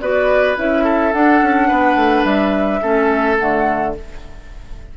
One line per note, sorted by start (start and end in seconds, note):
0.00 0.56 B3
0.00 0.56 F#4
0.00 0.83 B4
0.00 0.56 D5
0.56 1.13 C#4
0.56 1.12 E4
0.56 1.12 E5
0.83 1.68 A4
1.12 2.81 D4
1.12 1.41 D4
1.12 2.24 F#5
1.42 1.70 C#4
1.68 1.95 B3
1.68 2.80 B4
1.95 2.23 A3
2.24 2.80 G3
2.24 3.36 E5
2.81 3.39 A3
2.81 3.37 C#4
2.81 3.94 A4
3.38 3.97 D3
3.38 3.95 A3
3.38 3.94 F#5